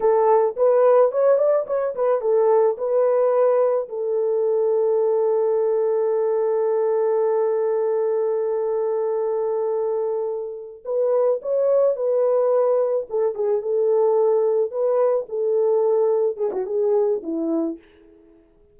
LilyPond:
\new Staff \with { instrumentName = "horn" } { \time 4/4 \tempo 4 = 108 a'4 b'4 cis''8 d''8 cis''8 b'8 | a'4 b'2 a'4~ | a'1~ | a'1~ |
a'2.~ a'8 b'8~ | b'8 cis''4 b'2 a'8 | gis'8 a'2 b'4 a'8~ | a'4. gis'16 fis'16 gis'4 e'4 | }